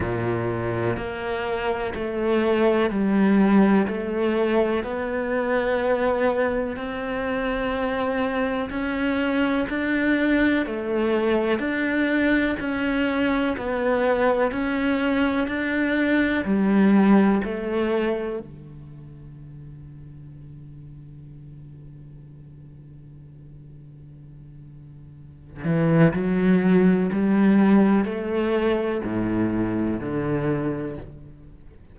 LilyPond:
\new Staff \with { instrumentName = "cello" } { \time 4/4 \tempo 4 = 62 ais,4 ais4 a4 g4 | a4 b2 c'4~ | c'4 cis'4 d'4 a4 | d'4 cis'4 b4 cis'4 |
d'4 g4 a4 d4~ | d1~ | d2~ d8 e8 fis4 | g4 a4 a,4 d4 | }